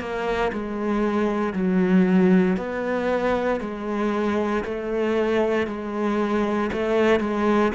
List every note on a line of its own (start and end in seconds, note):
0.00 0.52 A#3
0.53 1.53 G#3
1.53 2.57 F#3
2.57 3.61 B3
3.61 4.64 G#3
4.65 5.67 A3
5.67 6.71 G#3
6.72 7.20 A3
7.20 7.72 G#3